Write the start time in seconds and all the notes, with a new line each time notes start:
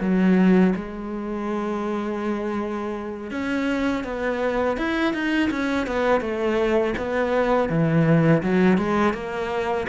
0.00 F#3
0.75 G#3
3.30 C#4
4.03 B3
4.77 E4
5.13 D#4
5.50 C#4
5.86 B3
6.21 A3
6.97 B3
7.69 E3
8.42 F#3
8.77 G#3
9.14 A#3